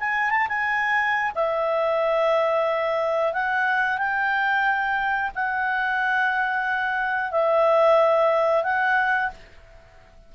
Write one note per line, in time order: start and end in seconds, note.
0.00 0.31 G#5
0.31 0.47 A5
0.49 1.32 G#5
1.35 3.33 E5
3.33 3.98 F#5
3.98 5.32 G5
5.35 7.32 F#5
7.32 8.64 E5
8.64 9.30 F#5